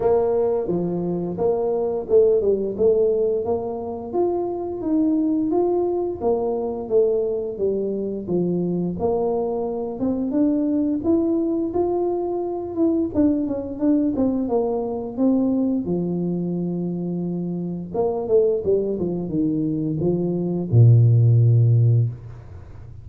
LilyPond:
\new Staff \with { instrumentName = "tuba" } { \time 4/4 \tempo 4 = 87 ais4 f4 ais4 a8 g8 | a4 ais4 f'4 dis'4 | f'4 ais4 a4 g4 | f4 ais4. c'8 d'4 |
e'4 f'4. e'8 d'8 cis'8 | d'8 c'8 ais4 c'4 f4~ | f2 ais8 a8 g8 f8 | dis4 f4 ais,2 | }